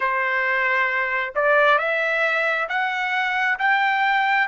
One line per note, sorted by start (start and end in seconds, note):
0.00 1.34 C5
1.35 1.78 D5
1.78 2.67 E5
2.69 3.58 F#5
3.58 4.47 G5